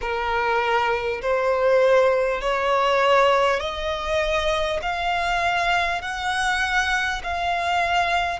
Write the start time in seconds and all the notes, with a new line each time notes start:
0.01 A#4
1.21 C5
2.41 C#5
3.60 D#5
4.82 F5
6.01 F#5
7.23 F5